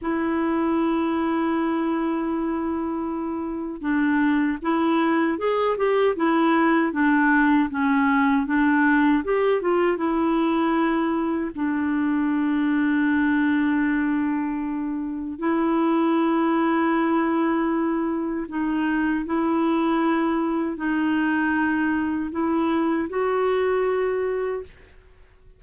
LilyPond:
\new Staff \with { instrumentName = "clarinet" } { \time 4/4 \tempo 4 = 78 e'1~ | e'4 d'4 e'4 gis'8 g'8 | e'4 d'4 cis'4 d'4 | g'8 f'8 e'2 d'4~ |
d'1 | e'1 | dis'4 e'2 dis'4~ | dis'4 e'4 fis'2 | }